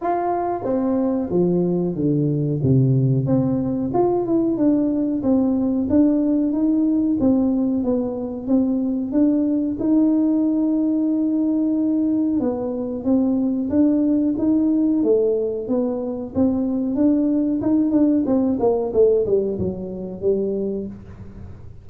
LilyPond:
\new Staff \with { instrumentName = "tuba" } { \time 4/4 \tempo 4 = 92 f'4 c'4 f4 d4 | c4 c'4 f'8 e'8 d'4 | c'4 d'4 dis'4 c'4 | b4 c'4 d'4 dis'4~ |
dis'2. b4 | c'4 d'4 dis'4 a4 | b4 c'4 d'4 dis'8 d'8 | c'8 ais8 a8 g8 fis4 g4 | }